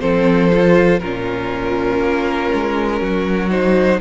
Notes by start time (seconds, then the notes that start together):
0.00 F3 C4 A4 C5
0.51 F4
0.99 A#2 C#4 F4 A#4
2.00 A#3
2.54 G#3
2.99 F#3 F#4
3.50 D#4 C5